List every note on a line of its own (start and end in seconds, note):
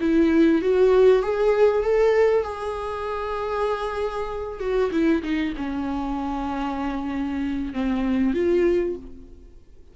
0.00 0.61 E4
0.61 1.22 F#4
1.22 1.82 G#4
1.82 2.43 A4
2.43 4.59 G#4
4.59 4.90 F#4
4.91 5.22 E4
5.22 5.53 D#4
5.56 7.73 C#4
7.73 8.34 C4
8.34 8.96 F4